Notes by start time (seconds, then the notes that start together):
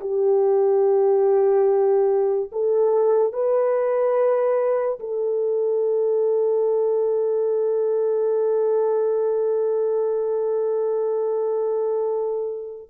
0.00 G4
2.52 A4
3.33 B4
5.00 A4